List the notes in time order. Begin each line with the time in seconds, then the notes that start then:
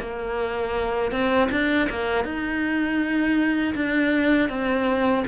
0.00 A#3
1.11 C4
1.51 D4
1.90 A#3
2.24 D#4
3.75 D4
4.49 C4